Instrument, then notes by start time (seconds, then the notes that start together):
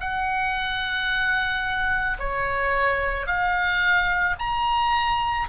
oboe
0.00 F#5
2.19 C#5
3.26 F5
4.39 A#5